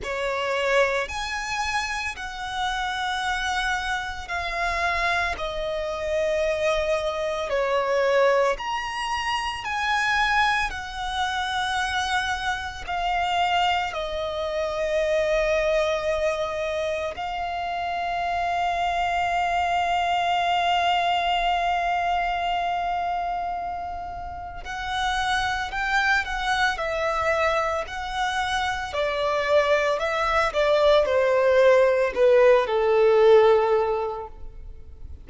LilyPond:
\new Staff \with { instrumentName = "violin" } { \time 4/4 \tempo 4 = 56 cis''4 gis''4 fis''2 | f''4 dis''2 cis''4 | ais''4 gis''4 fis''2 | f''4 dis''2. |
f''1~ | f''2. fis''4 | g''8 fis''8 e''4 fis''4 d''4 | e''8 d''8 c''4 b'8 a'4. | }